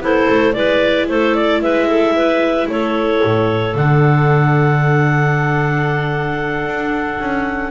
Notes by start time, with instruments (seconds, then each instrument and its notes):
0.00 double bass B3, clarinet E4 C5, viola A4
0.30 double bass A3
0.53 double bass G#3, viola E4, clarinet B4 D5
1.08 double bass A3, clarinet A4 C5
1.35 clarinet D5
1.61 double bass G#3, clarinet B4 E5
1.89 clarinet A4
2.16 clarinet B4
2.69 double bass A3, clarinet A4 C#5
3.24 double bass A2
3.74 double bass D3, viola D4, clarinet F#5
6.65 double bass D4
7.19 double bass C#4